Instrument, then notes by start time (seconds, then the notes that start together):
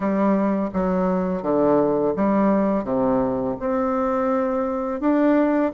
bassoon
0.00 G3
0.73 F#3
1.42 D3
2.16 G3
2.84 C3
3.59 C4
5.00 D4